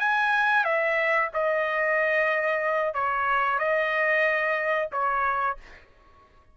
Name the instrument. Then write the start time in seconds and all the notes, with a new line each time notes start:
trumpet
0.00 G#5
0.65 E5
1.34 D#5
2.94 C#5
3.59 D#5
4.92 C#5